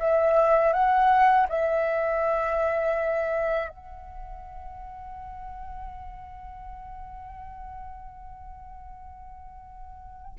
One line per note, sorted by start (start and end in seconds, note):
0.00 0.73 E5
0.73 1.47 F#5
1.49 3.69 E5
3.69 10.36 F#5